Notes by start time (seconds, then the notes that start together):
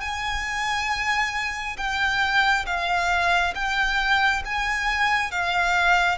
0.00 G#5
1.77 G5
2.66 F5
3.55 G5
4.45 G#5
5.31 F5